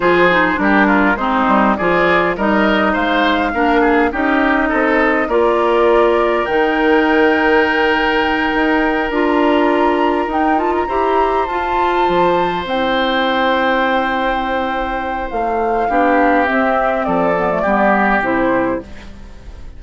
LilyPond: <<
  \new Staff \with { instrumentName = "flute" } { \time 4/4 \tempo 4 = 102 c''4 ais'4 c''4 d''4 | dis''4 f''2 dis''4~ | dis''4 d''2 g''4~ | g''2.~ g''8 ais''8~ |
ais''4. g''8 a''16 ais''4~ ais''16 a''8~ | a''4. g''2~ g''8~ | g''2 f''2 | e''4 d''2 c''4 | }
  \new Staff \with { instrumentName = "oboe" } { \time 4/4 gis'4 g'8 f'8 dis'4 gis'4 | ais'4 c''4 ais'8 gis'8 g'4 | a'4 ais'2.~ | ais'1~ |
ais'2~ ais'8 c''4.~ | c''1~ | c''2. g'4~ | g'4 a'4 g'2 | }
  \new Staff \with { instrumentName = "clarinet" } { \time 4/4 f'8 dis'8 d'4 c'4 f'4 | dis'2 d'4 dis'4~ | dis'4 f'2 dis'4~ | dis'2.~ dis'8 f'8~ |
f'4. dis'8 f'8 g'4 f'8~ | f'4. e'2~ e'8~ | e'2. d'4 | c'4. b16 a16 b4 e'4 | }
  \new Staff \with { instrumentName = "bassoon" } { \time 4/4 f4 g4 gis8 g8 f4 | g4 gis4 ais4 cis'4 | c'4 ais2 dis4~ | dis2~ dis8 dis'4 d'8~ |
d'4. dis'4 e'4 f'8~ | f'8 f4 c'2~ c'8~ | c'2 a4 b4 | c'4 f4 g4 c4 | }
>>